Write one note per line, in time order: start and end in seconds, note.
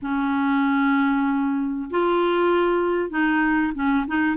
0.02 1.89 C#4
1.90 3.10 F4
3.10 3.72 D#4
3.74 4.05 C#4
4.07 4.36 D#4